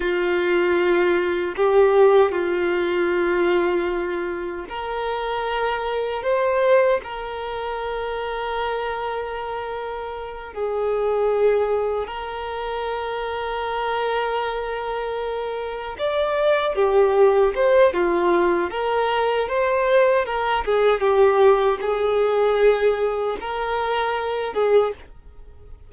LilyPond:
\new Staff \with { instrumentName = "violin" } { \time 4/4 \tempo 4 = 77 f'2 g'4 f'4~ | f'2 ais'2 | c''4 ais'2.~ | ais'4. gis'2 ais'8~ |
ais'1~ | ais'8 d''4 g'4 c''8 f'4 | ais'4 c''4 ais'8 gis'8 g'4 | gis'2 ais'4. gis'8 | }